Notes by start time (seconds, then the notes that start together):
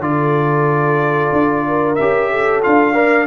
0.00 D3 F4 A4 D5
1.32 D4
1.67 A#4
1.95 C#4 G4 E5
2.31 A4
2.62 D4 F4 F5
2.94 A#4 D5